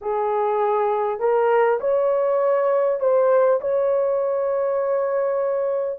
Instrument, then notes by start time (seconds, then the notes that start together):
horn
0.01 G#4
1.19 A#4
1.80 C#5
2.99 C5
3.61 C#5